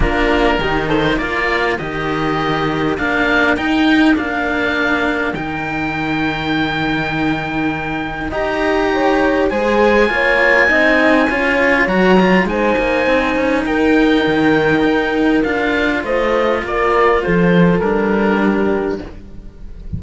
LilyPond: <<
  \new Staff \with { instrumentName = "oboe" } { \time 4/4 \tempo 4 = 101 ais'4. c''8 d''4 dis''4~ | dis''4 f''4 g''4 f''4~ | f''4 g''2.~ | g''2 ais''2 |
gis''1 | ais''4 gis''2 g''4~ | g''2 f''4 dis''4 | d''4 c''4 ais'2 | }
  \new Staff \with { instrumentName = "horn" } { \time 4/4 f'4 g'8 a'8 ais'2~ | ais'1~ | ais'1~ | ais'2 dis''4 cis''4 |
c''4 cis''4 dis''4 cis''4~ | cis''4 c''2 ais'4~ | ais'2. c''4 | ais'4 a'2 g'4 | }
  \new Staff \with { instrumentName = "cello" } { \time 4/4 d'4 dis'4 f'4 g'4~ | g'4 d'4 dis'4 d'4~ | d'4 dis'2.~ | dis'2 g'2 |
gis'4 f'4 dis'4 f'4 | fis'8 f'8 dis'2.~ | dis'2 f'2~ | f'2 d'2 | }
  \new Staff \with { instrumentName = "cello" } { \time 4/4 ais4 dis4 ais4 dis4~ | dis4 ais4 dis'4 ais4~ | ais4 dis2.~ | dis2 dis'2 |
gis4 ais4 c'4 cis'4 | fis4 gis8 ais8 c'8 cis'8 dis'4 | dis4 dis'4 d'4 a4 | ais4 f4 g2 | }
>>